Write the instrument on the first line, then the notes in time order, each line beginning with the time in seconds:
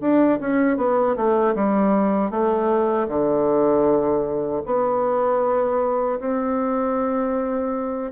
bassoon
0.00 D4
0.40 C#4
0.77 B3
1.16 A3
1.55 G3
2.30 A3
3.08 D3
4.65 B3
6.19 C4